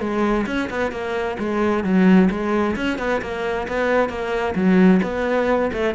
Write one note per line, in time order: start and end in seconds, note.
0.00 0.45 G#3
0.46 0.69 C#4
0.70 0.92 B3
0.92 1.37 A#3
1.39 1.84 G#3
1.84 2.29 F#3
2.30 2.76 G#3
2.76 2.98 C#4
2.98 3.21 B3
3.21 3.67 A#3
3.68 4.09 B3
4.09 4.55 A#3
4.55 5.01 F#3
5.03 5.71 B3
5.73 5.94 A3